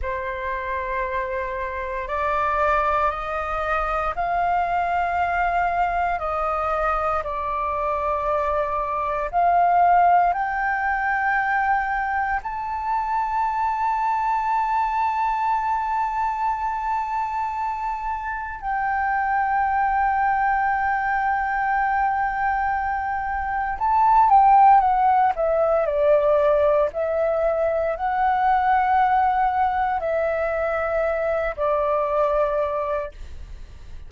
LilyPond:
\new Staff \with { instrumentName = "flute" } { \time 4/4 \tempo 4 = 58 c''2 d''4 dis''4 | f''2 dis''4 d''4~ | d''4 f''4 g''2 | a''1~ |
a''2 g''2~ | g''2. a''8 g''8 | fis''8 e''8 d''4 e''4 fis''4~ | fis''4 e''4. d''4. | }